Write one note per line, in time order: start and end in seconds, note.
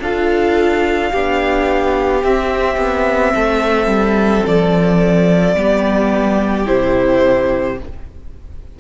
0.00 1.11 D4
0.00 1.14 F4
0.00 1.12 A4
0.00 2.24 F5
1.12 2.24 B3
1.12 2.25 D4
1.12 3.34 G4
2.24 2.78 C4
2.24 5.56 C4
2.24 4.46 E5
2.78 3.33 B3
3.34 3.87 A3
3.34 5.56 A4
3.87 4.43 G3
4.47 5.56 F3
4.47 6.67 D5
5.56 6.67 G3
5.56 6.66 B3
5.56 7.80 G4
6.66 7.80 C3
6.66 7.78 E4
6.66 7.78 C5